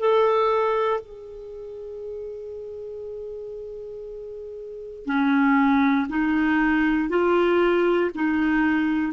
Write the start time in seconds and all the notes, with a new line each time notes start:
0.00 A4
1.01 G#4
5.06 C#4
6.10 D#4
7.10 F4
8.15 D#4